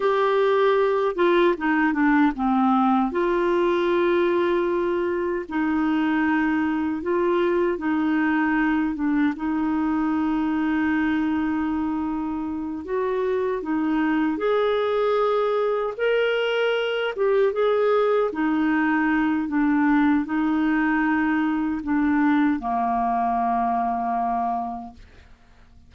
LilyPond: \new Staff \with { instrumentName = "clarinet" } { \time 4/4 \tempo 4 = 77 g'4. f'8 dis'8 d'8 c'4 | f'2. dis'4~ | dis'4 f'4 dis'4. d'8 | dis'1~ |
dis'8 fis'4 dis'4 gis'4.~ | gis'8 ais'4. g'8 gis'4 dis'8~ | dis'4 d'4 dis'2 | d'4 ais2. | }